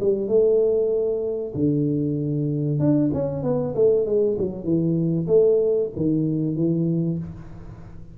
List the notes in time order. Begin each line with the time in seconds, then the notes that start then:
0.00 G3
0.28 A3
1.54 D3
2.79 D4
3.13 C#4
3.43 B3
3.75 A3
4.05 G#3
4.38 F#3
4.64 E3
5.27 A3
5.96 D#3
6.55 E3